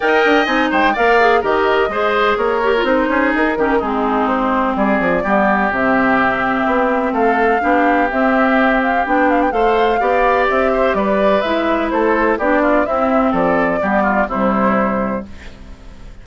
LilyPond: <<
  \new Staff \with { instrumentName = "flute" } { \time 4/4 \tempo 4 = 126 g''4 gis''8 g''8 f''4 dis''4~ | dis''4 cis''4 c''4 ais'4 | gis'4 c''4 d''2 | e''2. f''4~ |
f''4 e''4. f''8 g''8 f''16 g''16 | f''2 e''4 d''4 | e''4 c''4 d''4 e''4 | d''2 c''2 | }
  \new Staff \with { instrumentName = "oboe" } { \time 4/4 dis''4. c''8 d''4 ais'4 | c''4 ais'4. gis'4 g'8 | dis'2 gis'4 g'4~ | g'2. a'4 |
g'1 | c''4 d''4. c''8 b'4~ | b'4 a'4 g'8 f'8 e'4 | a'4 g'8 f'8 e'2 | }
  \new Staff \with { instrumentName = "clarinet" } { \time 4/4 ais'4 dis'4 ais'8 gis'8 g'4 | gis'4. g'16 f'16 dis'4. cis'8 | c'2. b4 | c'1 |
d'4 c'2 d'4 | a'4 g'2. | e'2 d'4 c'4~ | c'4 b4 g2 | }
  \new Staff \with { instrumentName = "bassoon" } { \time 4/4 dis'8 d'8 c'8 gis8 ais4 dis4 | gis4 ais4 c'8 cis'8 dis'8 dis8 | gis2 g8 f8 g4 | c2 b4 a4 |
b4 c'2 b4 | a4 b4 c'4 g4 | gis4 a4 b4 c'4 | f4 g4 c2 | }
>>